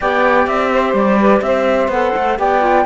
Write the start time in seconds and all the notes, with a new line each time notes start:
0.00 B3 G4 D5 G5
0.46 C4 E5
0.72 C5
0.93 G3 D5
1.20 B4
1.41 C4 C5 E5
1.87 B3 A4 F#5
2.15 A3
2.38 B3 G4 D5 G5
2.60 F4